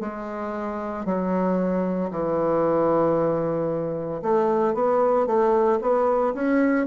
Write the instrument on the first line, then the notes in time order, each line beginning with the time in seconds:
bassoon
0.00 G#3
1.05 F#3
2.11 E3
4.22 A3
4.74 B3
5.26 A3
5.81 B3
6.34 C#4